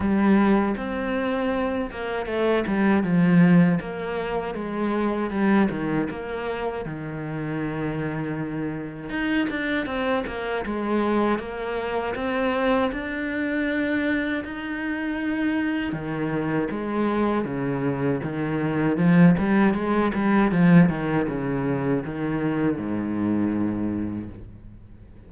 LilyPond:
\new Staff \with { instrumentName = "cello" } { \time 4/4 \tempo 4 = 79 g4 c'4. ais8 a8 g8 | f4 ais4 gis4 g8 dis8 | ais4 dis2. | dis'8 d'8 c'8 ais8 gis4 ais4 |
c'4 d'2 dis'4~ | dis'4 dis4 gis4 cis4 | dis4 f8 g8 gis8 g8 f8 dis8 | cis4 dis4 gis,2 | }